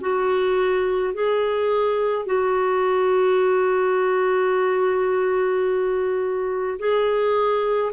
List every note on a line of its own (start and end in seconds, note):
0.00 1.13 F#4
1.13 2.25 G#4
2.25 6.78 F#4
6.79 7.92 G#4